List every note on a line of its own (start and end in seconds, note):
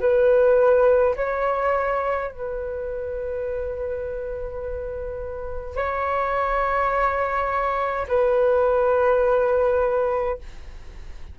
0.00 1.15 B4
1.16 2.31 C#5
2.31 5.76 B4
5.76 8.07 C#5
8.08 10.38 B4